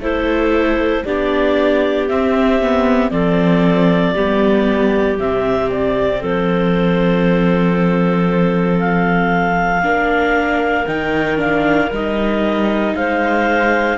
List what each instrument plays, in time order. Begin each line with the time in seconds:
0.00 cello A3, viola E4, clarinet A4 C5
1.05 cello B3, viola D4, clarinet G4 D5
2.09 viola C4, cello C4, clarinet E5
2.62 viola B3
3.11 cello F3, viola C4, clarinet A4 D5
4.14 cello G3, viola B3, clarinet G4
5.19 cello C3, viola C4, clarinet E5
5.71 clarinet D5
6.20 cello F3, clarinet A4 C5
8.80 clarinet F5
9.82 cello A#3, viola D4, clarinet A#4
10.86 cello D#3, viola D#4, clarinet G5
11.37 viola D4, clarinet F5
11.91 cello G3, viola D#4, clarinet D#5
12.95 cello G#3, clarinet C5 F5